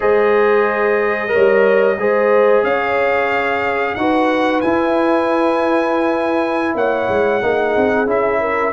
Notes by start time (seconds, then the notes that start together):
0.00 G#3 G#4 C5 D#5
1.28 A#4 C#5
1.34 G3
1.97 G#3 G#4 C5
2.63 C#4 C#5 F5
3.94 D#4 F#4 B4 F#5
4.60 E4 G#5
6.75 A#3 C#5 F#5
7.09 G#3
7.42 A#3 D#4 G#4
7.76 C4
8.05 C#4 E4 E5
8.40 A#4